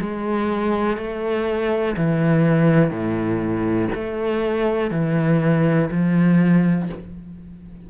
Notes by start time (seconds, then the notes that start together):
0.00 G#3
0.97 A3
1.97 E3
2.90 A2
3.94 A3
4.90 E3
5.91 F3